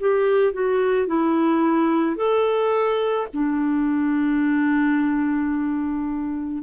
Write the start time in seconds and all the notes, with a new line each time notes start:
0.00 G4
0.54 F#4
1.08 E4
2.17 A4
3.34 D4